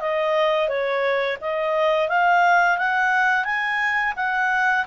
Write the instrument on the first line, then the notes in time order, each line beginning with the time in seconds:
clarinet
0.00 D#5
0.68 C#5
1.41 D#5
2.08 F5
2.78 F#5
3.44 G#5
4.16 F#5